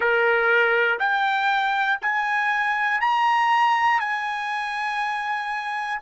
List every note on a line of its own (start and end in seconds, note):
0.00 0.99 A#4
0.99 1.99 G5
2.01 3.00 G#5
3.00 4.00 A#5
4.00 6.00 G#5